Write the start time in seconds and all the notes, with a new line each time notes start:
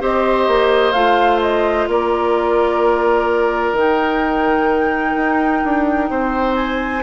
0.00 C4 G4 C5 D#5
0.47 A#3
0.93 A3 F4 F5
1.41 D#5
1.88 A#3 A#4 D5
3.73 D#3 D#4 G5
5.16 D#4
5.64 D4
6.10 C4 C5
6.56 G#5